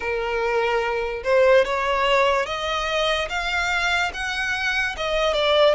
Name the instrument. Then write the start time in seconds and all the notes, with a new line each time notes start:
violin
0.00 A#4
1.23 C5
1.64 C#5
2.46 D#5
3.29 F5
4.13 F#5
4.97 D#5
5.33 D5